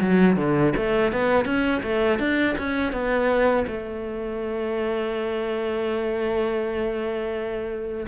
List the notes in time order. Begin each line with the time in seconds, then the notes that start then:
0.00 F#3
0.36 D3
0.76 A3
1.12 B3
1.45 C#4
1.83 A3
2.19 D4
2.57 C#4
2.92 B3
3.67 A3